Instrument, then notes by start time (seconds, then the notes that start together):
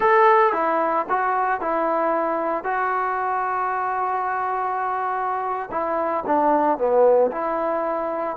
trombone
0.00 A4
0.52 E4
1.09 F#4
1.60 E4
2.64 F#4
5.71 E4
6.26 D4
6.77 B3
7.31 E4